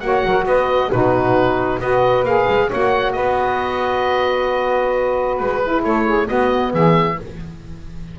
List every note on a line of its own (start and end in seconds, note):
0.00 0.24 A#3
0.00 0.90 F#4
0.00 0.26 C#5
0.00 0.45 F#5
0.25 0.45 F#3
0.25 0.45 A#4
0.45 0.90 B3
0.45 0.89 B4
0.45 0.91 D#5
0.91 1.79 B2
0.91 1.80 D#4
0.91 1.81 F#4
0.91 1.80 B4
1.79 2.23 B3
1.79 2.25 F#4
1.79 2.68 B4
1.79 2.25 D#5
2.23 2.45 A#3
2.23 2.70 G#4
2.23 2.70 F5
2.48 2.71 G#3
2.68 3.16 A#3
2.68 5.62 F#4
2.68 3.12 C#5
2.68 3.12 F#5
3.12 5.40 B3
3.12 5.84 B4
3.12 5.36 D#5
5.38 5.85 G#3
5.38 5.82 B4
5.63 6.26 E4
5.84 6.29 A3
5.84 6.06 A4
5.84 6.28 C#5
6.06 6.27 G#4
6.26 7.15 B3
6.26 6.74 B3
6.26 6.72 F#4
6.26 6.72 D#5
6.73 7.19 E3
6.73 7.18 G#4
6.73 7.19 E5